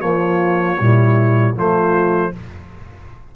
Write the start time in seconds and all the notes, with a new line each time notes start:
0.00 F3 A#3 F4 C#5
0.79 A#2 G3 E4
1.54 F3 A3 F4 C5